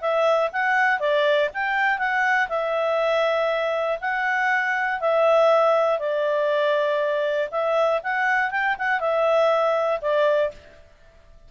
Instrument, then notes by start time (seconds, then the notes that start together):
clarinet
0.00 E5
0.52 F#5
0.99 D5
1.53 G5
1.98 F#5
2.49 E5
4.00 F#5
5.00 E5
5.99 D5
7.51 E5
8.03 F#5
8.50 G5
8.78 F#5
9.00 E5
10.01 D5